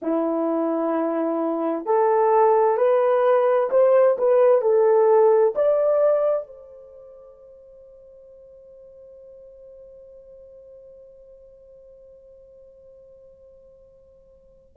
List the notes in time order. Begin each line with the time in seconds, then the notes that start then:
0.02 E4
1.85 A4
2.77 B4
3.70 C5
4.18 B4
4.62 A4
5.55 D5
6.47 C5